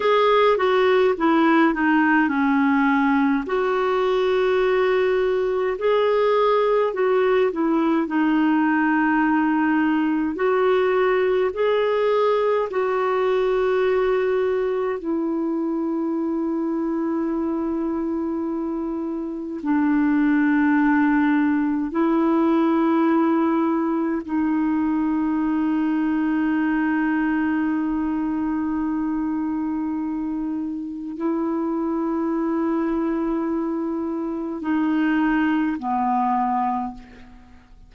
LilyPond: \new Staff \with { instrumentName = "clarinet" } { \time 4/4 \tempo 4 = 52 gis'8 fis'8 e'8 dis'8 cis'4 fis'4~ | fis'4 gis'4 fis'8 e'8 dis'4~ | dis'4 fis'4 gis'4 fis'4~ | fis'4 e'2.~ |
e'4 d'2 e'4~ | e'4 dis'2.~ | dis'2. e'4~ | e'2 dis'4 b4 | }